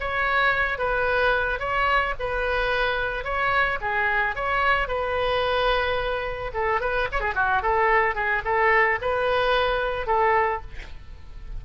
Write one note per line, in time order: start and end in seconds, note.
0.00 0.78 C#5
0.78 1.60 B4
1.60 2.14 C#5
2.19 3.24 B4
3.24 3.79 C#5
3.81 4.35 G#4
4.36 4.88 C#5
4.88 6.51 B4
6.54 6.81 A4
6.81 7.08 B4
7.12 7.20 C#5
7.20 7.34 G#4
7.35 7.62 F#4
7.62 8.15 A4
8.15 8.42 G#4
8.44 8.99 A4
9.01 10.07 B4
10.07 10.61 A4